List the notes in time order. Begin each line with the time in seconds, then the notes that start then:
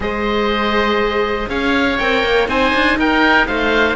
0.00 G#3 G#4 C5 D#5
1.49 C#4 C#5 F5
1.98 C4 A#4 G5
2.24 A#3
2.47 C4 D#4 C5 G#5
2.74 D4
2.97 D#4 A#4 G5
3.46 A3 C5 F5